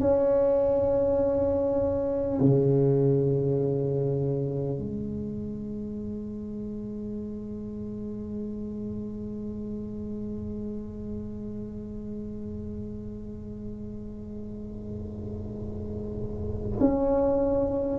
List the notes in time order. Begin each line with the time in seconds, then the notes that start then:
0.00 C#4
2.40 C#3
4.78 G#3
16.80 C#4